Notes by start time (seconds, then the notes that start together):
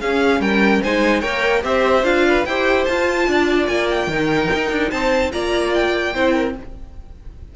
0.00 C#4 G#4 F5
0.39 G3 A#4 G5
0.82 G#3 D#4 C5 G#5
1.20 A#3 A#4 C#5 G5
1.62 C4 G4 C5 E5
2.03 D4 F4 F5
2.27 B4
2.45 E4 G4 C5 G5
2.85 F4 A5
3.27 D4 D5
3.67 A#3 G#5
3.90 G5
4.07 D#3 D#4 A#4
4.54 D#4
4.70 D4
4.90 C4 C5 A5
5.31 A#3 F4 D5 A#5
5.73 G5
6.13 C4 E4 C5
6.33 A#4